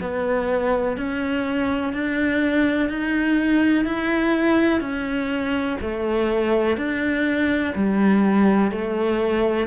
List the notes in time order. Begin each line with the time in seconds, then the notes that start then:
0.00 B3
0.97 C#4
1.93 D4
2.89 D#4
3.84 E4
4.80 C#4
5.81 A3
6.77 D4
7.75 G3
8.71 A3